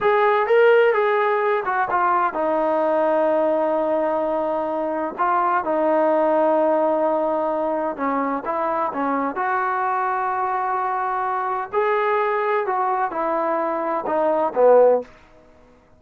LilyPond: \new Staff \with { instrumentName = "trombone" } { \time 4/4 \tempo 4 = 128 gis'4 ais'4 gis'4. fis'8 | f'4 dis'2.~ | dis'2. f'4 | dis'1~ |
dis'4 cis'4 e'4 cis'4 | fis'1~ | fis'4 gis'2 fis'4 | e'2 dis'4 b4 | }